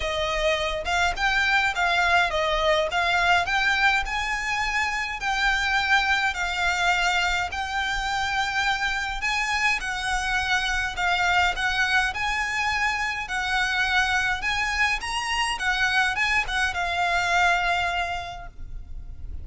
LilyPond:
\new Staff \with { instrumentName = "violin" } { \time 4/4 \tempo 4 = 104 dis''4. f''8 g''4 f''4 | dis''4 f''4 g''4 gis''4~ | gis''4 g''2 f''4~ | f''4 g''2. |
gis''4 fis''2 f''4 | fis''4 gis''2 fis''4~ | fis''4 gis''4 ais''4 fis''4 | gis''8 fis''8 f''2. | }